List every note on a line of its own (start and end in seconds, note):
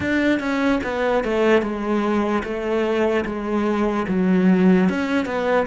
0.00 0.39 D4
0.39 0.80 C#4
0.83 1.23 B3
1.23 1.61 A3
1.61 2.43 G#3
2.43 3.24 A3
3.25 4.06 G#3
4.08 4.89 F#3
4.89 5.25 C#4
5.25 5.66 B3